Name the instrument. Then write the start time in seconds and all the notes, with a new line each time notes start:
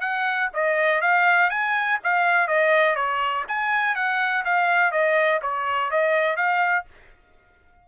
trumpet
0.00 F#5
0.53 D#5
1.01 F5
1.50 G#5
2.03 F5
2.47 D#5
2.95 C#5
3.48 G#5
3.95 F#5
4.45 F5
4.91 D#5
5.42 C#5
5.91 D#5
6.36 F5